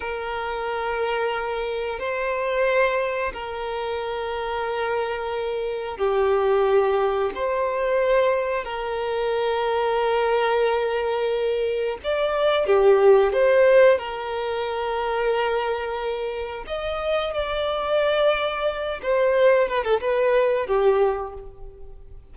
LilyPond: \new Staff \with { instrumentName = "violin" } { \time 4/4 \tempo 4 = 90 ais'2. c''4~ | c''4 ais'2.~ | ais'4 g'2 c''4~ | c''4 ais'2.~ |
ais'2 d''4 g'4 | c''4 ais'2.~ | ais'4 dis''4 d''2~ | d''8 c''4 b'16 a'16 b'4 g'4 | }